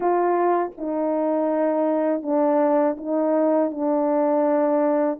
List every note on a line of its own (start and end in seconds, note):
0.00 0.70 F4
0.77 2.22 D#4
2.22 2.96 D4
2.97 3.71 D#4
3.71 5.19 D4